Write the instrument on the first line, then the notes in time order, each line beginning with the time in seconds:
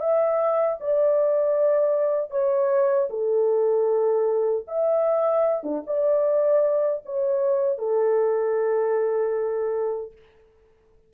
horn
0.00 E5
0.80 D5
2.31 C#5
3.10 A4
4.68 E5
5.63 D4
5.87 D5
7.05 C#5
7.79 A4